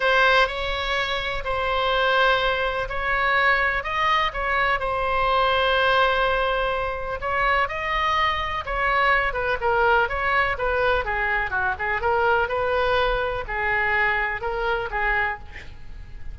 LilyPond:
\new Staff \with { instrumentName = "oboe" } { \time 4/4 \tempo 4 = 125 c''4 cis''2 c''4~ | c''2 cis''2 | dis''4 cis''4 c''2~ | c''2. cis''4 |
dis''2 cis''4. b'8 | ais'4 cis''4 b'4 gis'4 | fis'8 gis'8 ais'4 b'2 | gis'2 ais'4 gis'4 | }